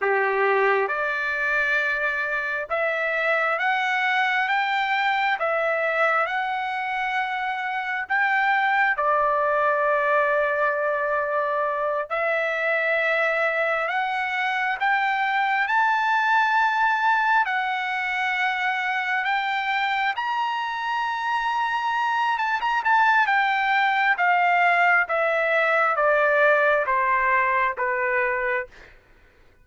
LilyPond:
\new Staff \with { instrumentName = "trumpet" } { \time 4/4 \tempo 4 = 67 g'4 d''2 e''4 | fis''4 g''4 e''4 fis''4~ | fis''4 g''4 d''2~ | d''4. e''2 fis''8~ |
fis''8 g''4 a''2 fis''8~ | fis''4. g''4 ais''4.~ | ais''4 a''16 ais''16 a''8 g''4 f''4 | e''4 d''4 c''4 b'4 | }